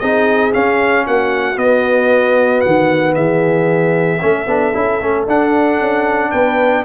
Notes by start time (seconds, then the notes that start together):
0.00 C4 D#4 G#4 D#5
0.53 C#4 F5
1.06 A#3 F#4 F#5
1.56 B3 D#5
2.61 D#3 F#5
3.15 E3 G#4 E5
4.21 A3 C#4 A4
4.47 B3 D4
4.74 C#4 E4
5.01 A3 C#4
5.28 D4 F#5
5.80 C#4
6.31 B3 B4 G5